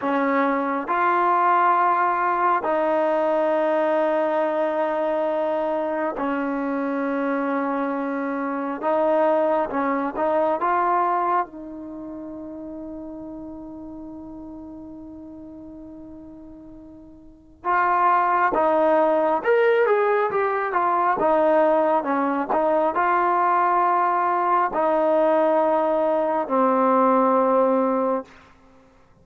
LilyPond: \new Staff \with { instrumentName = "trombone" } { \time 4/4 \tempo 4 = 68 cis'4 f'2 dis'4~ | dis'2. cis'4~ | cis'2 dis'4 cis'8 dis'8 | f'4 dis'2.~ |
dis'1 | f'4 dis'4 ais'8 gis'8 g'8 f'8 | dis'4 cis'8 dis'8 f'2 | dis'2 c'2 | }